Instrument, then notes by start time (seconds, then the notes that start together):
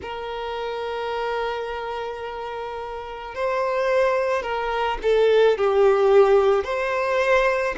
violin
0.02 A#4
3.34 C5
4.42 A#4
5.02 A4
5.57 G4
6.64 C5